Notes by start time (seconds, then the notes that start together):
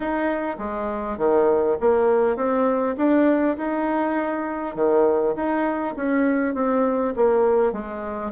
0.00 D#4
0.58 G#3
1.17 D#3
1.80 A#3
2.36 C4
2.97 D4
3.57 D#4
4.75 D#3
5.35 D#4
5.96 C#4
6.54 C4
7.16 A#3
7.72 G#3